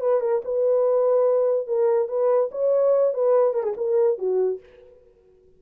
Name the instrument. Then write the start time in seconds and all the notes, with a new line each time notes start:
horn
0.00 B4
0.20 A#4
0.44 B4
1.67 A#4
2.08 B4
2.51 C#5
3.14 B4
3.53 A#4
3.62 G#4
3.77 A#4
4.18 F#4